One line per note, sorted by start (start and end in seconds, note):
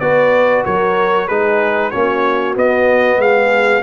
0.00 0.65 B3
0.00 1.29 F#4
0.00 0.65 B4
0.00 0.64 D5
0.65 1.30 F#3
0.65 1.28 A#4
0.65 1.28 C#5
1.28 1.94 G#3
1.28 1.92 D#4
1.28 1.91 G#4
1.28 1.91 B4
1.91 2.57 A#3
1.91 2.55 C#4
1.91 3.20 F#4
1.91 2.55 C#5
2.55 3.83 B3
2.55 3.18 B3
2.55 3.21 D#5
3.18 3.82 G#3
3.18 3.83 G#4
3.18 3.83 F5